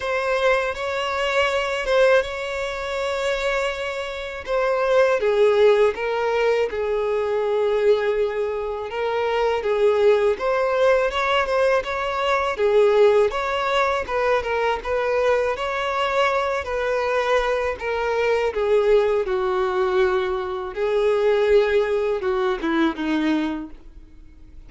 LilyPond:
\new Staff \with { instrumentName = "violin" } { \time 4/4 \tempo 4 = 81 c''4 cis''4. c''8 cis''4~ | cis''2 c''4 gis'4 | ais'4 gis'2. | ais'4 gis'4 c''4 cis''8 c''8 |
cis''4 gis'4 cis''4 b'8 ais'8 | b'4 cis''4. b'4. | ais'4 gis'4 fis'2 | gis'2 fis'8 e'8 dis'4 | }